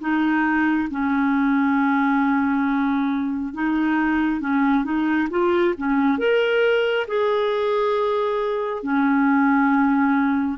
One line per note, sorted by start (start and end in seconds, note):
0.00 0.88 D#4
0.90 3.54 C#4
3.54 4.40 D#4
4.40 4.84 C#4
4.84 5.28 D#4
5.30 5.74 F4
5.77 6.18 C#4
6.18 7.07 A#4
7.07 8.83 G#4
8.83 10.58 C#4